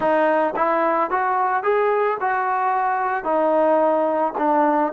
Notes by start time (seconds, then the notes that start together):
0.00 D#4
0.56 E4
1.10 F#4
1.63 G#4
2.20 F#4
3.24 D#4
4.38 D4